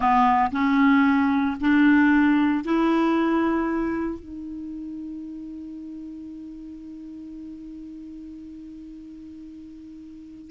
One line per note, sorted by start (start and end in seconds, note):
0.00 0.51 B3
0.51 1.56 C#4
1.60 2.64 D4
2.64 4.19 E4
4.19 10.50 D#4